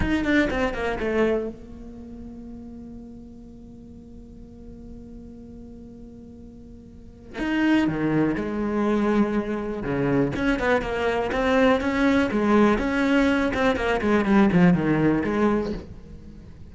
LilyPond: \new Staff \with { instrumentName = "cello" } { \time 4/4 \tempo 4 = 122 dis'8 d'8 c'8 ais8 a4 ais4~ | ais1~ | ais1~ | ais2. dis'4 |
dis4 gis2. | cis4 cis'8 b8 ais4 c'4 | cis'4 gis4 cis'4. c'8 | ais8 gis8 g8 f8 dis4 gis4 | }